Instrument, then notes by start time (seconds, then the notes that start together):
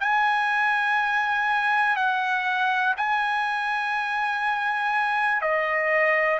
trumpet
0.00 G#5
1.96 F#5
2.97 G#5
5.41 D#5